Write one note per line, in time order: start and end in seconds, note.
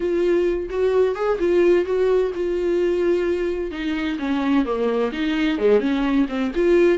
0.00 0.69 F4
0.69 1.15 F#4
1.15 1.38 G#4
1.39 1.85 F4
1.85 2.31 F#4
2.35 3.71 F4
3.71 4.17 D#4
4.18 4.65 C#4
4.65 5.11 A#3
5.12 5.58 D#4
5.58 5.80 G#3
5.80 6.26 C#4
6.28 6.52 C4
6.55 6.98 F4